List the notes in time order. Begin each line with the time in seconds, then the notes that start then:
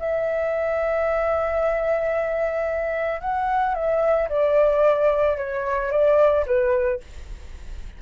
0.00 E5
3.21 F#5
3.75 E5
4.29 D5
5.38 C#5
5.92 D5
6.47 B4